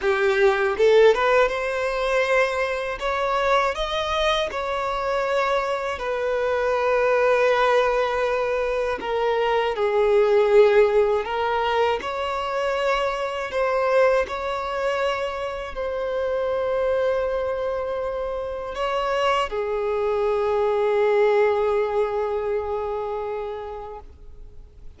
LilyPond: \new Staff \with { instrumentName = "violin" } { \time 4/4 \tempo 4 = 80 g'4 a'8 b'8 c''2 | cis''4 dis''4 cis''2 | b'1 | ais'4 gis'2 ais'4 |
cis''2 c''4 cis''4~ | cis''4 c''2.~ | c''4 cis''4 gis'2~ | gis'1 | }